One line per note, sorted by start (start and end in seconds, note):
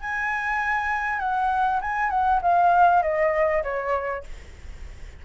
0.00 1.19 G#5
1.19 1.79 F#5
1.81 2.10 G#5
2.10 2.40 F#5
2.42 3.02 F5
3.02 3.63 D#5
3.63 4.23 C#5